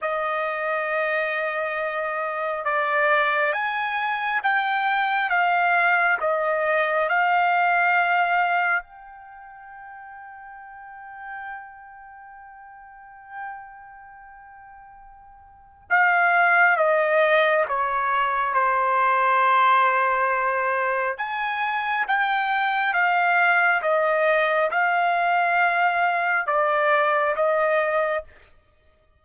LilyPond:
\new Staff \with { instrumentName = "trumpet" } { \time 4/4 \tempo 4 = 68 dis''2. d''4 | gis''4 g''4 f''4 dis''4 | f''2 g''2~ | g''1~ |
g''2 f''4 dis''4 | cis''4 c''2. | gis''4 g''4 f''4 dis''4 | f''2 d''4 dis''4 | }